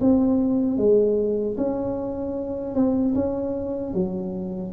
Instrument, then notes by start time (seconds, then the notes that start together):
tuba
0.00 C4
0.77 G#3
1.57 C#4
2.74 C4
3.14 C#4
3.93 F#3